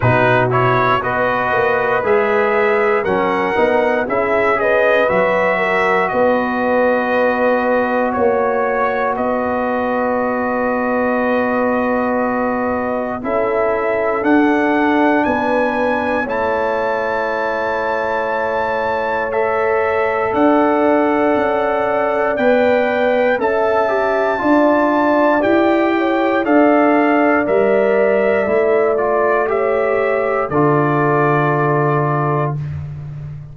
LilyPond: <<
  \new Staff \with { instrumentName = "trumpet" } { \time 4/4 \tempo 4 = 59 b'8 cis''8 dis''4 e''4 fis''4 | e''8 dis''8 e''4 dis''2 | cis''4 dis''2.~ | dis''4 e''4 fis''4 gis''4 |
a''2. e''4 | fis''2 g''4 a''4~ | a''4 g''4 f''4 e''4~ | e''8 d''8 e''4 d''2 | }
  \new Staff \with { instrumentName = "horn" } { \time 4/4 fis'4 b'2 ais'4 | gis'8 b'4 ais'8 b'2 | cis''4 b'2.~ | b'4 a'2 b'4 |
cis''1 | d''2. e''4 | d''4. cis''8 d''2~ | d''4 cis''4 a'2 | }
  \new Staff \with { instrumentName = "trombone" } { \time 4/4 dis'8 e'8 fis'4 gis'4 cis'8 dis'8 | e'8 gis'8 fis'2.~ | fis'1~ | fis'4 e'4 d'2 |
e'2. a'4~ | a'2 b'4 a'8 g'8 | f'4 g'4 a'4 ais'4 | e'8 f'8 g'4 f'2 | }
  \new Staff \with { instrumentName = "tuba" } { \time 4/4 b,4 b8 ais8 gis4 fis8 b8 | cis'4 fis4 b2 | ais4 b2.~ | b4 cis'4 d'4 b4 |
a1 | d'4 cis'4 b4 cis'4 | d'4 e'4 d'4 g4 | a2 d2 | }
>>